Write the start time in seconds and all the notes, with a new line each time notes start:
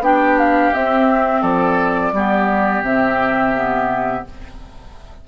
0.00 B3 D4 G4 G5
0.39 F5
0.74 C4 E5
1.42 F3 A4 D5
2.13 G3 B3 G4
2.82 C3 C4 E5
3.55 B3